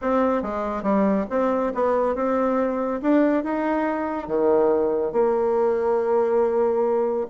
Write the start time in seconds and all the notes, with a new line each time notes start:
0.01 C4
0.42 G#3
0.82 G3
1.30 C4
1.74 B3
2.15 C4
3.02 D4
3.43 D#4
4.27 D#3
5.12 A#3